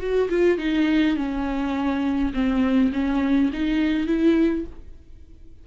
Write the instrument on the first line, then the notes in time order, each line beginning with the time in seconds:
viola
0.00 F#4
0.30 F4
0.58 D#4
1.16 C#4
2.34 C4
2.93 C#4
3.53 D#4
4.07 E4